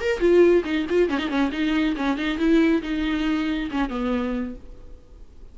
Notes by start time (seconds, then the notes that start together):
0.00 A#4
0.20 F4
0.65 D#4
0.89 F4
1.09 C#4
1.19 D#4
1.29 C#4
1.52 D#4
1.96 C#4
2.17 D#4
2.38 E4
2.82 D#4
3.71 C#4
3.90 B3